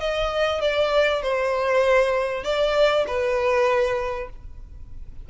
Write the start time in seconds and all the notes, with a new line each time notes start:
0.00 D#5
0.61 D5
1.23 C5
2.44 D5
3.08 B4